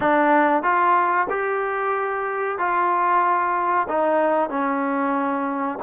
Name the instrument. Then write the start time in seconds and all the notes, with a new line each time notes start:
trombone
0.00 D4
0.62 F4
1.29 G4
2.58 F4
3.88 D#4
4.49 C#4